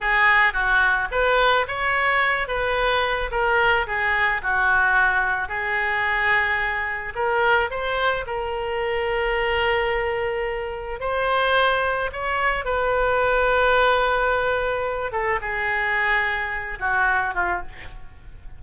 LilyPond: \new Staff \with { instrumentName = "oboe" } { \time 4/4 \tempo 4 = 109 gis'4 fis'4 b'4 cis''4~ | cis''8 b'4. ais'4 gis'4 | fis'2 gis'2~ | gis'4 ais'4 c''4 ais'4~ |
ais'1 | c''2 cis''4 b'4~ | b'2.~ b'8 a'8 | gis'2~ gis'8 fis'4 f'8 | }